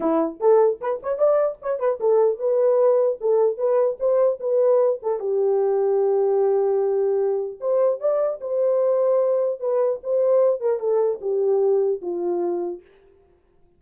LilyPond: \new Staff \with { instrumentName = "horn" } { \time 4/4 \tempo 4 = 150 e'4 a'4 b'8 cis''8 d''4 | cis''8 b'8 a'4 b'2 | a'4 b'4 c''4 b'4~ | b'8 a'8 g'2.~ |
g'2. c''4 | d''4 c''2. | b'4 c''4. ais'8 a'4 | g'2 f'2 | }